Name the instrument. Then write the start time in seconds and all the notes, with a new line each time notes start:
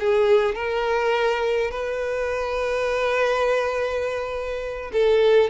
violin
0.00 G#4
0.55 A#4
1.71 B4
4.93 A4